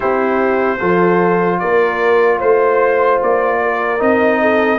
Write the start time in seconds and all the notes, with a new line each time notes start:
0.00 C4 E4 G4 C5
0.78 F3 F4 A4
1.59 A#3 A#4 D5
2.38 A3 C5
3.22 A#3 D5
3.62 A#4
3.98 C4 D#4 D#5
4.41 A4